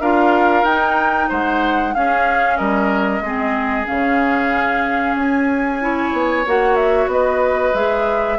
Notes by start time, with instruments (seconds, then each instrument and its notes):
0.00 bassoon D4, clarinet F4, oboe A#4, flute F5
0.63 bassoon D#4, clarinet D#4, flute G5
1.28 bassoon G#3, oboe C5, flute F#5
1.94 clarinet C#4, bassoon C#4, oboe G#4, flute F5
2.56 bassoon G3, oboe A#4, flute D#5
3.20 bassoon G#3, clarinet C4, oboe G#4
3.85 bassoon C#3, clarinet C#4, flute F5
5.15 bassoon C#4, flute G#5
5.80 clarinet E4, oboe C#5
6.12 bassoon B3
6.46 bassoon A#3, clarinet F#4, flute F#5
6.75 flute E5
7.06 bassoon B3, oboe B4, flute D#5
7.74 bassoon G#3, clarinet G#4, flute E5